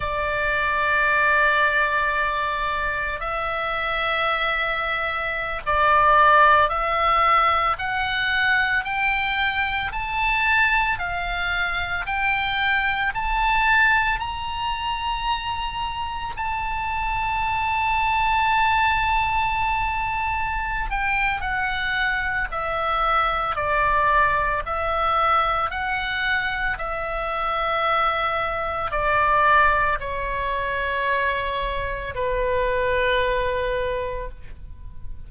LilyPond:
\new Staff \with { instrumentName = "oboe" } { \time 4/4 \tempo 4 = 56 d''2. e''4~ | e''4~ e''16 d''4 e''4 fis''8.~ | fis''16 g''4 a''4 f''4 g''8.~ | g''16 a''4 ais''2 a''8.~ |
a''2.~ a''8 g''8 | fis''4 e''4 d''4 e''4 | fis''4 e''2 d''4 | cis''2 b'2 | }